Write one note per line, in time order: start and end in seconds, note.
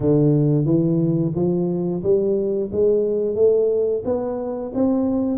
0.00 0.65 D3
0.65 1.32 E3
1.35 2.02 F3
2.03 2.70 G3
2.72 3.35 G#3
3.35 4.02 A3
4.04 4.72 B3
4.74 5.38 C4